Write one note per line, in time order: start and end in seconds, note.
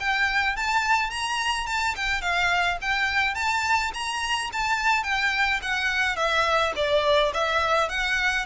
0.00 0.57 G5
0.57 1.11 A5
1.11 1.67 A#5
1.67 1.95 A5
1.96 2.22 G5
2.22 2.78 F5
2.82 3.35 G5
3.35 3.92 A5
3.94 4.51 A#5
4.53 5.04 A5
5.04 5.60 G5
5.62 6.16 F#5
6.16 6.73 E5
6.76 7.33 D5
7.34 7.90 E5
7.90 8.46 F#5